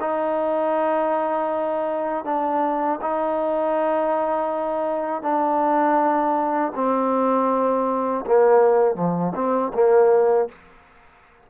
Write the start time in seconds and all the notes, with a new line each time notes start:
0.00 D#4
2.24 D4
3.01 D#4
5.22 D4
6.75 C4
8.26 A#3
8.95 F3
9.34 C4
9.73 A#3